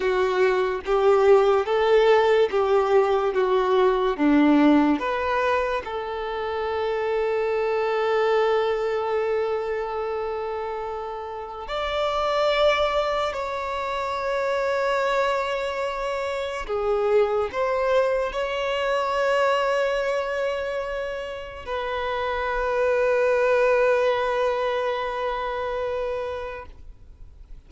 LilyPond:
\new Staff \with { instrumentName = "violin" } { \time 4/4 \tempo 4 = 72 fis'4 g'4 a'4 g'4 | fis'4 d'4 b'4 a'4~ | a'1~ | a'2 d''2 |
cis''1 | gis'4 c''4 cis''2~ | cis''2 b'2~ | b'1 | }